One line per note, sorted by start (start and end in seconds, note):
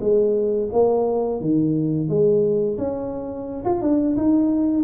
0.00 0.69 G#3
0.72 1.40 A#3
1.40 2.08 D#3
2.08 2.77 G#3
2.77 3.64 C#4
3.65 3.82 F4
3.82 4.16 D4
4.16 4.84 D#4